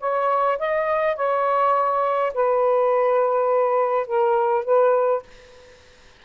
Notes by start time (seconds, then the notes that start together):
0.00 C#5
0.59 D#5
1.16 C#5
2.34 B4
4.07 A#4
4.65 B4